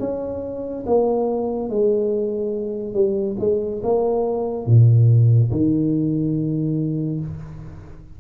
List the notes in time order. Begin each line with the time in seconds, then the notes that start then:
0.00 C#4
0.86 A#3
1.69 G#3
2.94 G3
3.40 G#3
3.83 A#3
4.67 A#2
5.51 D#3